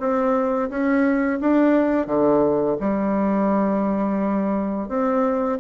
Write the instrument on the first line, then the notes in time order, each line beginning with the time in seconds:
bassoon
0.00 C4
0.70 C#4
1.41 D4
2.07 D3
2.81 G3
4.89 C4